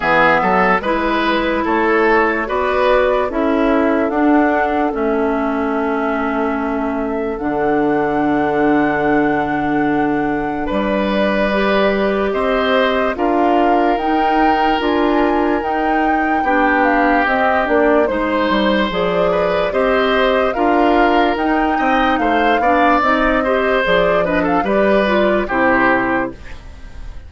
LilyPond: <<
  \new Staff \with { instrumentName = "flute" } { \time 4/4 \tempo 4 = 73 e''4 b'4 cis''4 d''4 | e''4 fis''4 e''2~ | e''4 fis''2.~ | fis''4 d''2 dis''4 |
f''4 g''4 gis''4 g''4~ | g''8 f''8 dis''8 d''8 c''4 d''4 | dis''4 f''4 g''4 f''4 | dis''4 d''8 dis''16 f''16 d''4 c''4 | }
  \new Staff \with { instrumentName = "oboe" } { \time 4/4 gis'8 a'8 b'4 a'4 b'4 | a'1~ | a'1~ | a'4 b'2 c''4 |
ais'1 | g'2 c''4. b'8 | c''4 ais'4. dis''8 c''8 d''8~ | d''8 c''4 b'16 a'16 b'4 g'4 | }
  \new Staff \with { instrumentName = "clarinet" } { \time 4/4 b4 e'2 fis'4 | e'4 d'4 cis'2~ | cis'4 d'2.~ | d'2 g'2 |
f'4 dis'4 f'4 dis'4 | d'4 c'8 d'8 dis'4 gis'4 | g'4 f'4 dis'4. d'8 | dis'8 g'8 gis'8 d'8 g'8 f'8 e'4 | }
  \new Staff \with { instrumentName = "bassoon" } { \time 4/4 e8 fis8 gis4 a4 b4 | cis'4 d'4 a2~ | a4 d2.~ | d4 g2 c'4 |
d'4 dis'4 d'4 dis'4 | b4 c'8 ais8 gis8 g8 f4 | c'4 d'4 dis'8 c'8 a8 b8 | c'4 f4 g4 c4 | }
>>